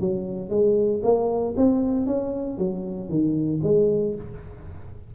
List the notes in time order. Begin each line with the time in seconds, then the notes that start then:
0.00 F#3
0.50 G#3
1.03 A#3
1.57 C4
2.06 C#4
2.58 F#3
3.09 D#3
3.63 G#3